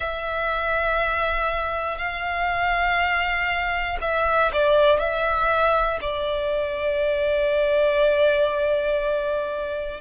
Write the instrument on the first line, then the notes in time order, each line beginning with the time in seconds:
violin
0.00 E5
1.98 F5
4.01 E5
4.52 D5
4.99 E5
6.00 D5